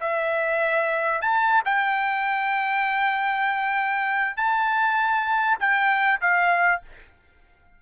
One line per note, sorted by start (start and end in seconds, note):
0.00 1.21 E5
1.21 1.62 A5
1.65 4.36 G5
4.36 5.58 A5
5.59 6.20 G5
6.21 6.82 F5